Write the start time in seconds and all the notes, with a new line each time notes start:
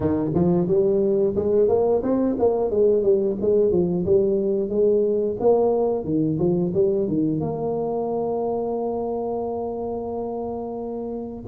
0.00 D#3
0.34 F3
0.67 G3
1.35 G#3
1.68 A#3
2.02 C4
2.38 A#3
2.70 G#3
3.02 G3
3.40 G#3
3.71 F3
4.05 G3
4.69 G#3
5.40 A#3
6.04 D#3
6.38 F3
6.74 G3
7.07 D#3
7.40 A#3